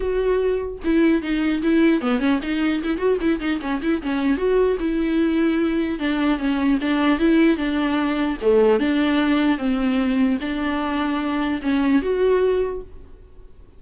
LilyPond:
\new Staff \with { instrumentName = "viola" } { \time 4/4 \tempo 4 = 150 fis'2 e'4 dis'4 | e'4 b8 cis'8 dis'4 e'8 fis'8 | e'8 dis'8 cis'8 e'8 cis'4 fis'4 | e'2. d'4 |
cis'4 d'4 e'4 d'4~ | d'4 a4 d'2 | c'2 d'2~ | d'4 cis'4 fis'2 | }